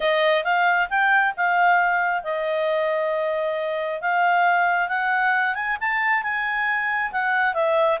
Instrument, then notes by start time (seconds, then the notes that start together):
clarinet
0.00 D#5
0.44 F5
0.89 G5
1.37 F5
2.23 D#5
4.01 F5
4.88 F#5
5.55 G#5
5.80 A5
6.22 G#5
7.12 F#5
7.54 E5